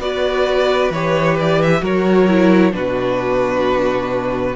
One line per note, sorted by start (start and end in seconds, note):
0.00 0.91 B3
0.00 0.92 F#4
0.00 1.82 B4
0.00 0.92 D5
0.91 1.81 E3
0.91 1.82 G4
0.91 1.38 C#5
1.40 1.62 D5
1.62 1.85 E5
1.82 2.74 F#3
1.82 2.27 F#4
1.82 2.73 A#4
1.82 2.75 C#5
2.29 2.72 E4
2.72 4.56 B2
2.72 4.54 D4
2.72 4.56 F#4
2.72 4.56 B4